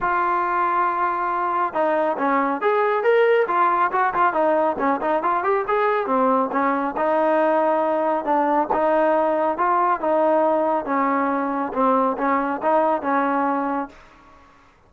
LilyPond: \new Staff \with { instrumentName = "trombone" } { \time 4/4 \tempo 4 = 138 f'1 | dis'4 cis'4 gis'4 ais'4 | f'4 fis'8 f'8 dis'4 cis'8 dis'8 | f'8 g'8 gis'4 c'4 cis'4 |
dis'2. d'4 | dis'2 f'4 dis'4~ | dis'4 cis'2 c'4 | cis'4 dis'4 cis'2 | }